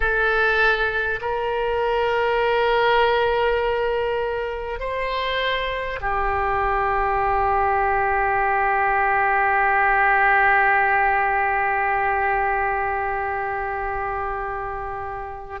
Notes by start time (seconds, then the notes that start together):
0.00 A4
1.21 A#4
4.79 C5
6.01 G4